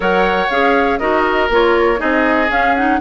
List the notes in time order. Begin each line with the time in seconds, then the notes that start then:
0.00 F#3 A#4 C#5 F#5
0.49 C#4 G#4 F5
0.98 D#4 F#4 A#4 D#5
1.49 A#3 F4 C#5
1.97 C4 D#4 G#4 D#5
2.49 C#4 F5
2.75 D#4 F#5